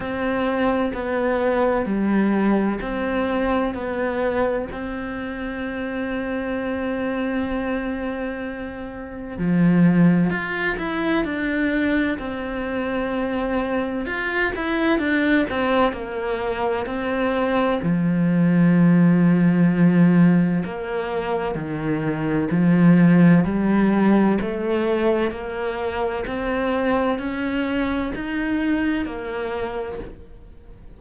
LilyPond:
\new Staff \with { instrumentName = "cello" } { \time 4/4 \tempo 4 = 64 c'4 b4 g4 c'4 | b4 c'2.~ | c'2 f4 f'8 e'8 | d'4 c'2 f'8 e'8 |
d'8 c'8 ais4 c'4 f4~ | f2 ais4 dis4 | f4 g4 a4 ais4 | c'4 cis'4 dis'4 ais4 | }